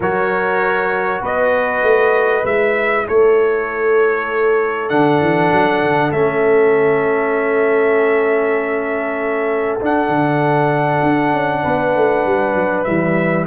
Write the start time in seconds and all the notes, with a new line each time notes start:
0.00 F#3 F#4 A#4 C#5
1.21 B3 B4 D#5
1.82 A3
2.44 G#3 E4 E5
3.06 A3 A4 C#5
4.89 D3 D4 F#5
5.20 E3
5.52 F#3
5.82 D3
6.12 A3 C#4 E5
9.80 D4 F#5
10.08 D3
11.03 D4
11.33 C#4
11.62 B3 B4
11.95 A3
12.25 G3
12.54 F#3
12.84 E3 G3 E5